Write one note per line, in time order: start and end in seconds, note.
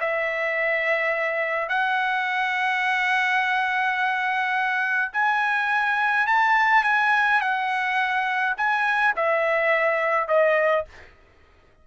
0.00 1.69 E5
1.69 5.11 F#5
5.13 6.27 G#5
6.27 6.84 A5
6.84 7.41 G#5
7.41 8.55 F#5
8.57 9.14 G#5
9.16 10.28 E5
10.28 10.85 D#5